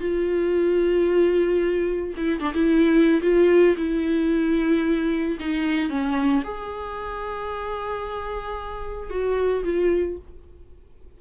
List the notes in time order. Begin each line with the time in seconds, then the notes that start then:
0.00 F4
2.17 E4
2.40 D4
2.54 E4
3.22 F4
3.78 E4
5.40 D#4
5.90 C#4
6.45 G#4
9.10 F#4
9.64 F4